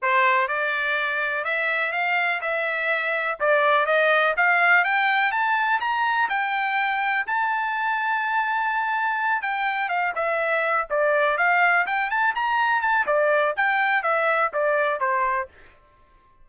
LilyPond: \new Staff \with { instrumentName = "trumpet" } { \time 4/4 \tempo 4 = 124 c''4 d''2 e''4 | f''4 e''2 d''4 | dis''4 f''4 g''4 a''4 | ais''4 g''2 a''4~ |
a''2.~ a''8 g''8~ | g''8 f''8 e''4. d''4 f''8~ | f''8 g''8 a''8 ais''4 a''8 d''4 | g''4 e''4 d''4 c''4 | }